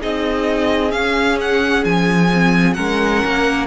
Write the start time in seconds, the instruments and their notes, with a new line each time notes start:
0.00 cello C4, viola D#4, violin G#4 D#5
0.89 viola C#4, cello C#4, violin F5
1.40 violin F#5
1.84 cello F3, violin G#5
2.33 viola C4
2.74 cello G#3, viola C#4, violin A#4 F#5
3.25 cello A#3